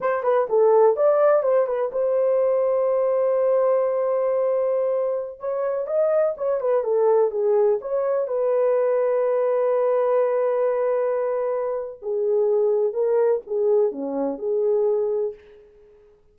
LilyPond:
\new Staff \with { instrumentName = "horn" } { \time 4/4 \tempo 4 = 125 c''8 b'8 a'4 d''4 c''8 b'8 | c''1~ | c''2.~ c''16 cis''8.~ | cis''16 dis''4 cis''8 b'8 a'4 gis'8.~ |
gis'16 cis''4 b'2~ b'8.~ | b'1~ | b'4 gis'2 ais'4 | gis'4 cis'4 gis'2 | }